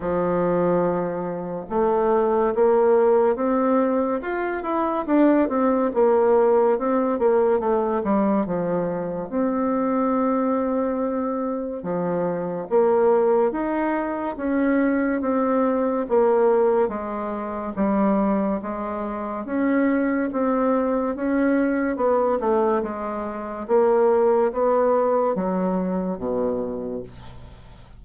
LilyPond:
\new Staff \with { instrumentName = "bassoon" } { \time 4/4 \tempo 4 = 71 f2 a4 ais4 | c'4 f'8 e'8 d'8 c'8 ais4 | c'8 ais8 a8 g8 f4 c'4~ | c'2 f4 ais4 |
dis'4 cis'4 c'4 ais4 | gis4 g4 gis4 cis'4 | c'4 cis'4 b8 a8 gis4 | ais4 b4 fis4 b,4 | }